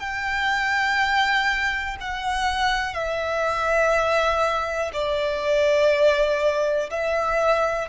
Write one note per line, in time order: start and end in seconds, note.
0.00 1.97 G5
2.01 2.94 F#5
2.94 4.91 E5
4.94 6.90 D5
6.91 7.89 E5